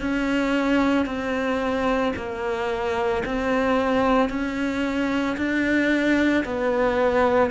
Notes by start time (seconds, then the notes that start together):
0.00 C#4
1.05 C4
2.16 A#3
3.25 C4
4.29 C#4
5.37 D4
6.44 B3